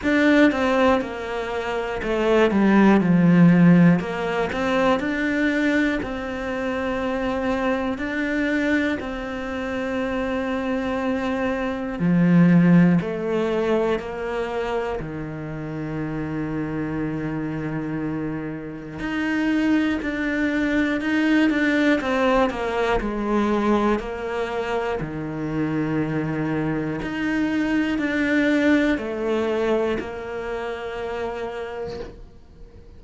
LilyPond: \new Staff \with { instrumentName = "cello" } { \time 4/4 \tempo 4 = 60 d'8 c'8 ais4 a8 g8 f4 | ais8 c'8 d'4 c'2 | d'4 c'2. | f4 a4 ais4 dis4~ |
dis2. dis'4 | d'4 dis'8 d'8 c'8 ais8 gis4 | ais4 dis2 dis'4 | d'4 a4 ais2 | }